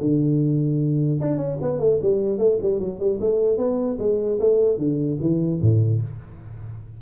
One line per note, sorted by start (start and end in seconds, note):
0.00 1.20 D3
1.20 1.37 D4
1.37 1.57 C#4
1.61 1.79 B3
1.79 1.99 A3
2.01 2.38 G3
2.38 2.58 A3
2.61 2.79 G3
2.79 2.99 F#3
2.99 3.19 G3
3.20 3.57 A3
3.57 3.97 B3
3.99 4.39 G#3
4.39 4.78 A3
4.78 5.18 D3
5.20 5.60 E3
5.61 6.01 A2